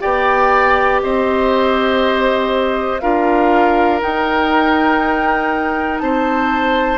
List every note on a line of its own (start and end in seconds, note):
0.00 1.03 B3
0.00 3.00 G4
0.00 1.01 D5
0.00 1.01 G5
1.03 3.02 C4
1.03 3.02 C5
1.03 3.00 D#5
3.00 4.02 D4
3.00 4.00 F4
3.00 6.02 A#4
3.00 4.00 F5
4.00 6.98 D#4
4.00 6.01 D#4
4.00 5.99 G5
5.99 6.98 C4
5.99 6.98 C5
5.99 6.98 A5